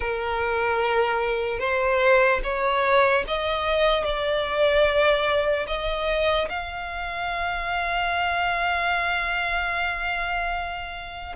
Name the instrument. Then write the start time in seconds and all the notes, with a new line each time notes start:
violin
0.00 A#4
1.59 C5
2.43 C#5
3.27 D#5
4.04 D5
5.67 D#5
6.49 F5